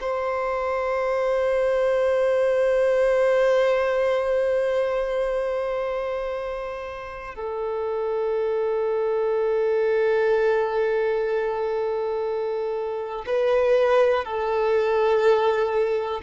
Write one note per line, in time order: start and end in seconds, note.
0.00 7.35 C5
7.35 13.25 A4
13.26 14.24 B4
14.24 16.21 A4